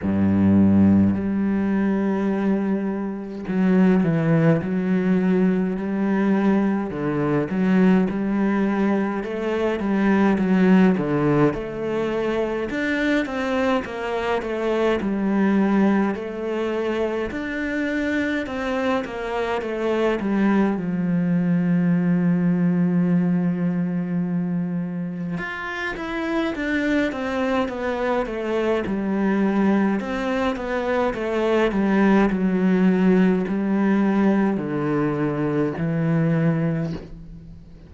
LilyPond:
\new Staff \with { instrumentName = "cello" } { \time 4/4 \tempo 4 = 52 g,4 g2 fis8 e8 | fis4 g4 d8 fis8 g4 | a8 g8 fis8 d8 a4 d'8 c'8 | ais8 a8 g4 a4 d'4 |
c'8 ais8 a8 g8 f2~ | f2 f'8 e'8 d'8 c'8 | b8 a8 g4 c'8 b8 a8 g8 | fis4 g4 d4 e4 | }